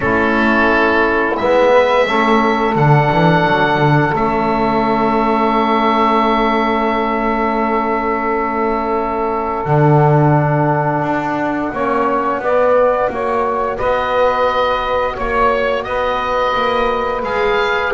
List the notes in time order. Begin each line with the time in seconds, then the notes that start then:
0.00 A3 C#4 E4 A4
1.36 G#3 B3 E5
1.71 B4
2.06 A3 C#4 A4
2.75 D3 D4 F#5
3.11 E3
3.46 F#3
3.78 D3
4.12 A3 C#4 E5
9.64 D3 D4 F#5
11.02 D4
11.72 A#3 C#4 C#5
12.39 B3 D5
13.09 A#3 F#4 C#5
13.77 B3 B4 D#5
15.14 A#3 C#5
15.83 B3 B4 D#5
16.55 A#3
17.23 G#3 G#4 F5